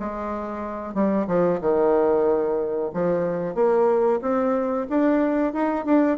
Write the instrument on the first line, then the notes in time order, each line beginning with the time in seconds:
bassoon
0.00 G#3
0.95 G3
1.27 F3
1.61 D#3
2.94 F3
3.55 A#3
4.22 C4
4.90 D4
5.53 D#4
5.85 D4